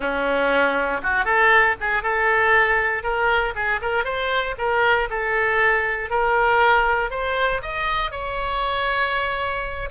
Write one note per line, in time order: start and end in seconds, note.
0.00 1.01 C#4
1.02 1.24 F#4
1.24 1.75 A4
1.80 2.02 G#4
2.02 3.03 A4
3.03 3.53 A#4
3.55 3.80 G#4
3.81 4.04 A#4
4.04 4.55 C5
4.58 5.08 A#4
5.10 6.10 A4
6.10 7.10 A#4
7.10 7.61 C5
7.62 8.11 D#5
8.11 9.89 C#5